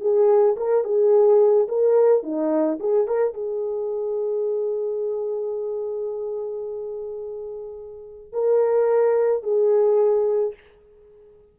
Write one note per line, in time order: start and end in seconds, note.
0.00 0.56 G#4
0.56 0.84 A#4
0.84 1.67 G#4
1.68 2.23 A#4
2.23 2.78 D#4
2.79 3.07 G#4
3.07 3.33 A#4
3.33 8.32 G#4
8.32 9.43 A#4
9.43 10.54 G#4